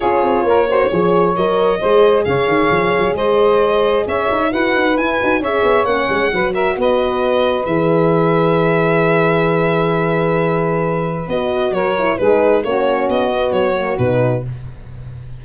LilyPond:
<<
  \new Staff \with { instrumentName = "violin" } { \time 4/4 \tempo 4 = 133 cis''2. dis''4~ | dis''4 f''2 dis''4~ | dis''4 e''4 fis''4 gis''4 | e''4 fis''4. e''8 dis''4~ |
dis''4 e''2.~ | e''1~ | e''4 dis''4 cis''4 b'4 | cis''4 dis''4 cis''4 b'4 | }
  \new Staff \with { instrumentName = "saxophone" } { \time 4/4 gis'4 ais'8 c''8 cis''2 | c''4 cis''2 c''4~ | c''4 cis''4 b'2 | cis''2 b'8 ais'8 b'4~ |
b'1~ | b'1~ | b'2 ais'4 gis'4 | fis'1 | }
  \new Staff \with { instrumentName = "horn" } { \time 4/4 f'4. fis'8 gis'4 ais'4 | gis'1~ | gis'2 fis'4 e'8 fis'8 | gis'4 cis'4 fis'2~ |
fis'4 gis'2.~ | gis'1~ | gis'4 fis'4. e'8 dis'4 | cis'4. b4 ais8 dis'4 | }
  \new Staff \with { instrumentName = "tuba" } { \time 4/4 cis'8 c'8 ais4 f4 fis4 | gis4 cis8 dis8 f8 fis8 gis4~ | gis4 cis'8 dis'8 e'8 dis'8 e'8 dis'8 | cis'8 b8 ais8 gis8 fis4 b4~ |
b4 e2.~ | e1~ | e4 b4 fis4 gis4 | ais4 b4 fis4 b,4 | }
>>